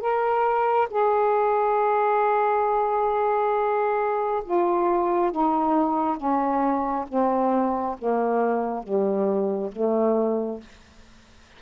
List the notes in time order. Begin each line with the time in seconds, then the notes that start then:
0.00 A#4
0.90 G#4
4.45 F4
5.31 D#4
6.17 C#4
7.08 C4
7.99 A#3
8.83 G3
9.72 A3